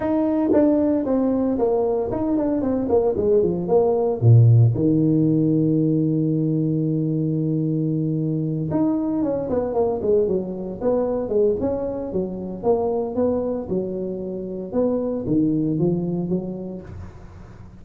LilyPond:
\new Staff \with { instrumentName = "tuba" } { \time 4/4 \tempo 4 = 114 dis'4 d'4 c'4 ais4 | dis'8 d'8 c'8 ais8 gis8 f8 ais4 | ais,4 dis2.~ | dis1~ |
dis8 dis'4 cis'8 b8 ais8 gis8 fis8~ | fis8 b4 gis8 cis'4 fis4 | ais4 b4 fis2 | b4 dis4 f4 fis4 | }